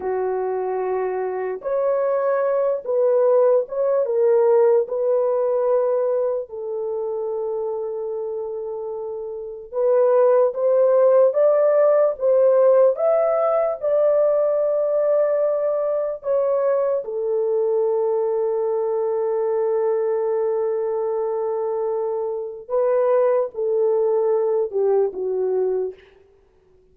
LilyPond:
\new Staff \with { instrumentName = "horn" } { \time 4/4 \tempo 4 = 74 fis'2 cis''4. b'8~ | b'8 cis''8 ais'4 b'2 | a'1 | b'4 c''4 d''4 c''4 |
e''4 d''2. | cis''4 a'2.~ | a'1 | b'4 a'4. g'8 fis'4 | }